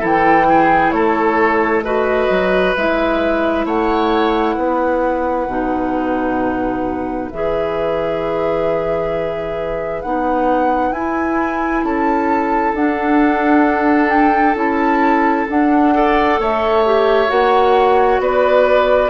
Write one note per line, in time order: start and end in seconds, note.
0.00 0.92 E3
0.00 1.83 E4
0.00 0.45 A4
0.00 0.91 G5
0.49 0.94 G#4
0.91 2.29 A3
0.91 1.84 A4
0.91 1.82 C#5
1.84 2.76 F#4
1.84 3.66 B4
1.84 2.74 D#5
2.30 2.75 F#3
2.75 3.65 G#3
2.75 5.49 E4
2.75 3.66 E5
3.65 4.56 A3
3.65 4.56 C#5
3.65 7.30 F#5
4.56 5.47 B3
4.56 11.83 B4
5.47 7.29 B2
5.47 7.31 D#4
7.30 10.04 E3
7.30 10.05 G#4
7.30 10.02 E5
10.02 10.91 B3
10.02 10.95 D#4
10.02 10.92 F#5
10.91 11.82 E4
10.91 12.76 E4
10.91 11.84 G#5
11.83 12.74 C#4
11.83 15.94 A4
11.83 12.75 A5
12.74 14.55 D4
12.74 14.10 F#5
14.10 14.55 G5
14.55 15.46 C#4
14.55 15.46 E4
14.55 15.48 A5
15.50 15.94 D4
15.50 16.39 D4
15.50 16.41 F#5
15.94 16.85 A4
15.94 16.40 D5
16.39 17.30 A3
16.39 18.22 C#5
16.39 17.30 E5
16.85 17.28 G4
17.28 18.19 A#3
17.28 19.10 F#4
17.28 18.21 F#5
18.19 19.10 B3
18.19 19.10 B4
18.19 19.10 D5